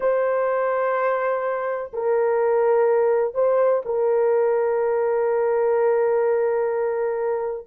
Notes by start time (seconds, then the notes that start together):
0.00 C5
1.93 A#4
3.34 C5
3.85 A#4